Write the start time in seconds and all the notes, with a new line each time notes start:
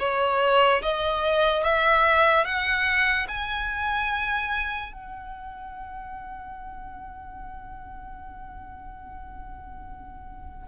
0.00 C#5
0.83 D#5
1.64 E5
2.45 F#5
3.28 G#5
4.93 F#5